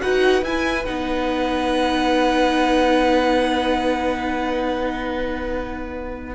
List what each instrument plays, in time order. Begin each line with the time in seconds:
0.00 cello D#4, viola F#4, violin B4 F#5
0.42 cello E4, viola E4, violin G#5
0.85 cello B3, viola D#4, violin F#5